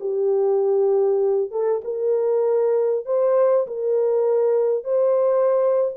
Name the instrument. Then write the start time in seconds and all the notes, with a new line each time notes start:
horn
0.00 G4
1.51 A4
1.85 A#4
3.05 C5
3.67 A#4
4.84 C5